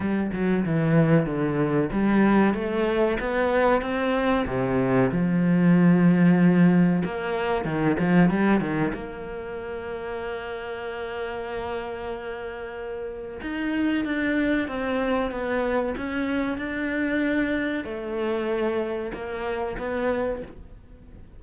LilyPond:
\new Staff \with { instrumentName = "cello" } { \time 4/4 \tempo 4 = 94 g8 fis8 e4 d4 g4 | a4 b4 c'4 c4 | f2. ais4 | dis8 f8 g8 dis8 ais2~ |
ais1~ | ais4 dis'4 d'4 c'4 | b4 cis'4 d'2 | a2 ais4 b4 | }